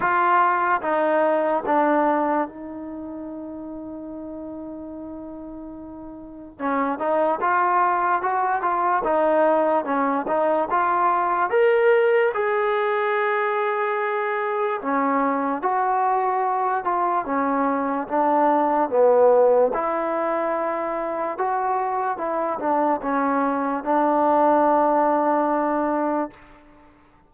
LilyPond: \new Staff \with { instrumentName = "trombone" } { \time 4/4 \tempo 4 = 73 f'4 dis'4 d'4 dis'4~ | dis'1 | cis'8 dis'8 f'4 fis'8 f'8 dis'4 | cis'8 dis'8 f'4 ais'4 gis'4~ |
gis'2 cis'4 fis'4~ | fis'8 f'8 cis'4 d'4 b4 | e'2 fis'4 e'8 d'8 | cis'4 d'2. | }